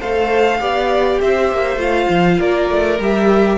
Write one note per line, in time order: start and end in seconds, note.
0.00 0.60 A3
0.00 0.58 A4
0.00 0.60 C5
0.00 1.21 F5
0.58 1.20 B3
0.58 1.78 G4
0.58 1.20 D5
1.21 1.51 C4
1.21 2.39 C5
1.21 1.81 E5
1.51 1.76 A#3
1.76 2.06 A3
1.76 2.98 F4
1.76 2.40 F5
2.09 2.39 F3
2.39 2.70 A#3
2.39 3.57 A#4
2.39 3.00 D5
2.70 3.00 A3
3.00 3.57 G3
3.00 3.57 G4
3.00 3.57 E5